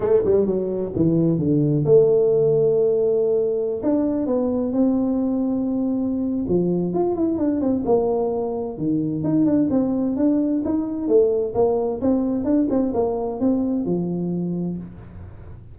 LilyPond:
\new Staff \with { instrumentName = "tuba" } { \time 4/4 \tempo 4 = 130 a8 g8 fis4 e4 d4 | a1~ | a16 d'4 b4 c'4.~ c'16~ | c'2 f4 f'8 e'8 |
d'8 c'8 ais2 dis4 | dis'8 d'8 c'4 d'4 dis'4 | a4 ais4 c'4 d'8 c'8 | ais4 c'4 f2 | }